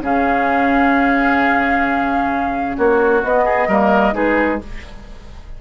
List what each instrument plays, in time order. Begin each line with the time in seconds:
0.00 bassoon C#3, clarinet C#4, oboe G#4, flute F5
2.77 bassoon A#3, oboe F#4, flute C#5
3.23 bassoon B3, clarinet B3, flute D#5
3.44 oboe G#4
3.68 bassoon G3, clarinet A#3, oboe A#4
4.12 bassoon G#3, clarinet D#4, oboe G#4, flute B4